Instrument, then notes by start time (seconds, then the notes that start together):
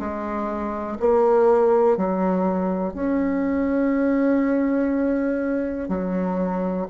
bassoon
0.00 G#3
1.00 A#3
1.97 F#3
2.94 C#4
5.89 F#3